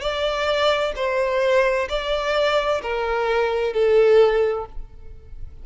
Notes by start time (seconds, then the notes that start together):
0.00 D5
0.96 C5
1.89 D5
2.82 A#4
3.73 A4